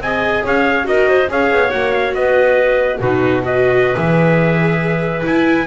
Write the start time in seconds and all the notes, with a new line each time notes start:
0.00 C4 G#4 D#5 G#5
0.44 C#4 C#5 F5
0.84 D#4 F#4 A#4 D#5
1.09 C5
1.30 C#4 G#4 C#5 F5
1.51 B3
1.70 A#3 F#4 F#5
1.92 F5
2.15 B3 B4 D#5
2.99 B2 D#4 F#4 B4
3.43 F#4 B4 D#5
3.95 E3 G#4 E5
5.23 E4 G#5